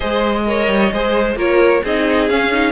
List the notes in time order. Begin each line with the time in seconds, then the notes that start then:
0.00 G#3 G#4 C5 D#5
0.46 A#4 C#5
0.68 G3
0.92 G#3 G#4 C5
1.35 A#3 F4 A#4 C#5
1.83 C4 D#4 G#4 D#5
2.28 C#4 F5
2.51 D#4